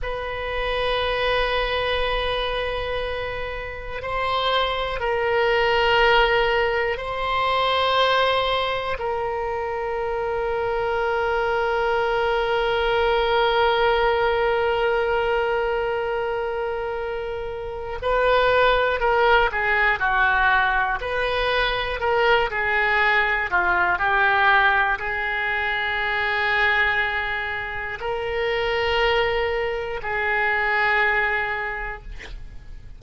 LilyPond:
\new Staff \with { instrumentName = "oboe" } { \time 4/4 \tempo 4 = 60 b'1 | c''4 ais'2 c''4~ | c''4 ais'2.~ | ais'1~ |
ais'2 b'4 ais'8 gis'8 | fis'4 b'4 ais'8 gis'4 f'8 | g'4 gis'2. | ais'2 gis'2 | }